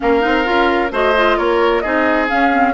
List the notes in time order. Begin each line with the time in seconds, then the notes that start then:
0.00 A#3 C#4 A#4 F5
0.20 C4 D#4
0.44 C#4 F4
0.90 A3 F#4 C5 D#5
1.16 F4
1.37 A#3 A#4 C#5
1.80 C4 D#4 G#4 D#5
2.27 C#4 F5
2.51 C4